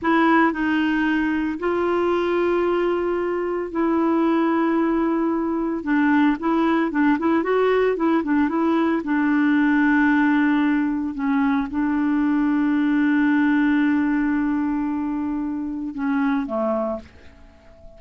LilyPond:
\new Staff \with { instrumentName = "clarinet" } { \time 4/4 \tempo 4 = 113 e'4 dis'2 f'4~ | f'2. e'4~ | e'2. d'4 | e'4 d'8 e'8 fis'4 e'8 d'8 |
e'4 d'2.~ | d'4 cis'4 d'2~ | d'1~ | d'2 cis'4 a4 | }